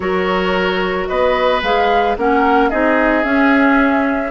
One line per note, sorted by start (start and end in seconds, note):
0.00 1.07 F#3
0.00 1.61 F#4
0.00 1.09 A#4
0.00 1.06 C#5
1.07 1.62 B3
1.07 2.17 B4
1.07 1.61 D#5
1.62 2.16 G#3
1.62 2.17 G#4
1.62 2.16 F5
2.17 2.71 A#3
2.17 2.71 C#4
2.17 2.69 A#4
2.17 2.69 F#5
2.69 3.24 C4
2.69 3.23 D#4
2.69 4.31 G#4
2.69 3.24 D#5
3.23 4.31 C#4
3.23 4.31 E5